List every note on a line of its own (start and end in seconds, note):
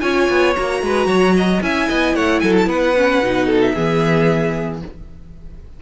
0.00 0.29 C#4
0.00 0.54 F4
0.00 0.81 C#5
0.00 0.53 G#5
0.29 0.56 B3
0.55 0.82 A#3
0.55 1.61 F#4
0.55 1.62 A#5
0.82 1.06 G#3
0.82 1.07 B4
1.06 1.59 F#3
1.06 1.34 C#5
1.36 1.63 D#5
1.62 1.88 C#4
1.62 2.94 E4
1.62 1.88 E5
1.62 2.15 G#5
1.88 2.15 B3
1.88 2.15 D#5
2.15 2.41 A3
2.15 2.41 C#5
2.15 2.40 F#5
2.40 2.66 F#3
2.40 2.68 A4
2.40 2.53 G#5
2.57 2.69 A5
2.66 3.19 B3
2.66 3.45 B4
2.66 3.61 F#5
2.97 3.23 C#4
3.21 3.74 B2
3.21 3.75 D#4
3.45 3.72 A4
3.61 4.80 E5
3.74 4.82 E3
3.74 4.82 B3
3.74 4.80 G#4